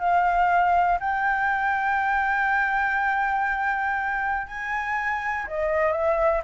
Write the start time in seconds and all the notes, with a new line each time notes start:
0.00 F5
1.00 G5
4.48 G#5
5.48 D#5
5.93 E5